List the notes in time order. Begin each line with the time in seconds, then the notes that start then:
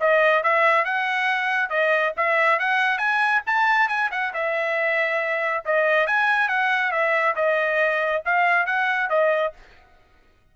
0.00 D#5
0.43 E5
0.85 F#5
1.69 D#5
2.16 E5
2.59 F#5
2.98 G#5
3.46 A5
3.88 G#5
4.11 F#5
4.33 E5
5.65 D#5
6.07 G#5
6.48 F#5
6.91 E5
7.35 D#5
8.25 F5
8.66 F#5
9.09 D#5